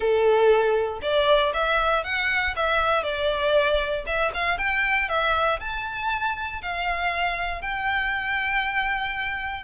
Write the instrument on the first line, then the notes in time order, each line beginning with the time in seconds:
violin
0.00 A4
1.02 D5
1.53 E5
2.04 F#5
2.55 E5
3.03 D5
4.06 E5
4.33 F5
4.58 G5
5.08 E5
5.59 A5
6.61 F5
7.61 G5